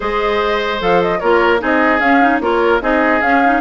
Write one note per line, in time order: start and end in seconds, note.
0.00 0.80 G#3
0.00 0.79 G#4
0.00 1.19 C5
0.00 0.81 D#5
0.80 1.21 F3
0.80 1.20 A4
0.80 1.02 F5
1.02 1.19 D#5
1.19 1.62 A#3
1.19 1.59 F4
1.19 1.60 A#4
1.19 1.59 C#5
1.59 2.00 C4
1.59 1.99 D#4
1.59 2.41 G#4
1.59 1.99 D#5
1.99 2.40 C#4
1.99 2.21 C#4
1.99 2.40 F5
2.21 2.41 D#4
2.40 2.80 A#3
2.40 2.81 F4
2.40 2.82 A#4
2.40 2.81 C#5
2.81 3.21 C4
2.81 3.21 D#4
2.81 3.60 G#4
2.81 3.21 D#5
3.21 3.60 C#4
3.21 3.43 C#4
3.21 3.60 F5
3.44 3.60 D#4